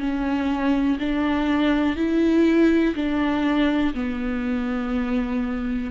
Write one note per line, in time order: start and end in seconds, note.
0.00 0.98 C#4
0.99 1.97 D4
1.97 2.95 E4
2.96 3.94 D4
3.94 5.91 B3